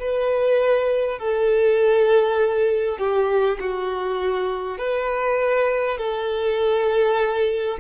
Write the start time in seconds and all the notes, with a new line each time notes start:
0.00 B4
1.19 A4
2.98 G4
3.61 F#4
4.78 B4
5.98 A4